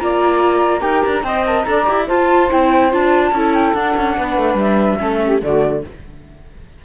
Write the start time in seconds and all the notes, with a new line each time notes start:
0.00 A#3 F4 D5 A#5
0.80 D#4 G4 A#4 G5
1.03 D4 A#5
1.24 C4 C5 D#5 G5
1.47 A#4 A5
1.63 D4 A4 D5 A#5
1.85 E4 G4
2.06 F4 C5 A5
2.50 C4 E4 G5
2.91 D4 F4 A5
3.32 C#4 E4 A4
3.55 G5
3.74 D4 F#5
3.97 C#4
4.17 B3 B4
4.38 A3
4.54 G3 E5
4.99 A3 C#4 A4
5.25 G4
5.42 D3 A3 F#4 D5